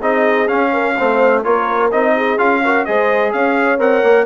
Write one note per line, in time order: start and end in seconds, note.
0.00 0.49 C4
0.00 0.48 D#4
0.00 0.71 G#4
0.00 0.48 D#5
0.48 0.95 C#4
0.48 1.00 C#4
0.48 1.43 F5
0.73 0.96 A#4
0.98 1.46 A3
0.98 1.44 C4
0.98 1.44 C5
1.44 1.93 A#3
1.44 1.92 F4
1.44 2.14 A#4
1.44 1.91 C#5
1.91 2.38 C4
1.91 2.38 D#4
1.91 2.39 D#5
2.16 2.63 G#4
2.38 2.86 C#4
2.38 2.62 F4
2.38 2.85 F5
2.65 2.87 F#4
2.65 2.88 A#4
2.85 3.33 G#3
2.85 3.79 G#4
2.85 3.34 C5
2.85 3.32 D#5
3.33 3.79 C#4
3.33 4.26 C#5
3.33 3.80 F5
3.79 4.02 C4
3.79 4.26 A#4
3.79 4.26 F#5
4.04 4.26 A#3